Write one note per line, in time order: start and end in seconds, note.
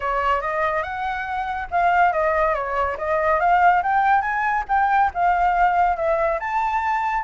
0.00 0.41 C#5
0.41 0.82 D#5
0.82 1.68 F#5
1.70 2.12 F5
2.12 2.54 D#5
2.54 2.97 C#5
2.97 3.40 D#5
3.40 3.82 F5
3.82 4.21 G5
4.21 4.64 G#5
4.68 5.10 G5
5.14 5.96 F5
5.96 6.38 E5
6.39 7.23 A5